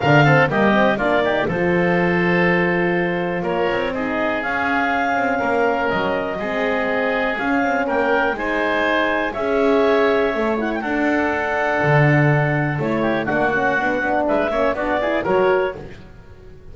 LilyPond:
<<
  \new Staff \with { instrumentName = "clarinet" } { \time 4/4 \tempo 4 = 122 f''4 dis''4 d''4 c''4~ | c''2. cis''4 | dis''4 f''2. | dis''2. f''4 |
g''4 gis''2 e''4~ | e''4. fis''16 g''16 fis''2~ | fis''2 cis''4 fis''4~ | fis''4 e''4 d''4 cis''4 | }
  \new Staff \with { instrumentName = "oboe" } { \time 4/4 ais'8 a'8 g'4 f'8 g'8 a'4~ | a'2. ais'4 | gis'2. ais'4~ | ais'4 gis'2. |
ais'4 c''2 cis''4~ | cis''2 a'2~ | a'2~ a'8 g'8 fis'4~ | fis'4 b'8 cis''8 fis'8 gis'8 ais'4 | }
  \new Staff \with { instrumentName = "horn" } { \time 4/4 d'8 c'8 ais8 c'8 d'8 dis'8 f'4~ | f'1 | dis'4 cis'2.~ | cis'4 c'2 cis'4~ |
cis'4 dis'2 gis'4~ | gis'4 a'8 e'8 d'2~ | d'2 e'4 d'8 cis'8 | b8 d'4 cis'8 d'8 e'8 fis'4 | }
  \new Staff \with { instrumentName = "double bass" } { \time 4/4 d4 g4 ais4 f4~ | f2. ais8 c'8~ | c'4 cis'4. c'8 ais4 | fis4 gis2 cis'8 c'8 |
ais4 gis2 cis'4~ | cis'4 a4 d'2 | d2 a4 ais4 | d'8 b8 gis8 ais8 b4 fis4 | }
>>